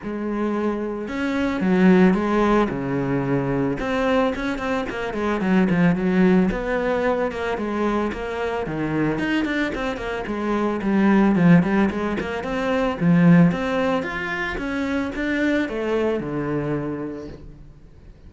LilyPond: \new Staff \with { instrumentName = "cello" } { \time 4/4 \tempo 4 = 111 gis2 cis'4 fis4 | gis4 cis2 c'4 | cis'8 c'8 ais8 gis8 fis8 f8 fis4 | b4. ais8 gis4 ais4 |
dis4 dis'8 d'8 c'8 ais8 gis4 | g4 f8 g8 gis8 ais8 c'4 | f4 c'4 f'4 cis'4 | d'4 a4 d2 | }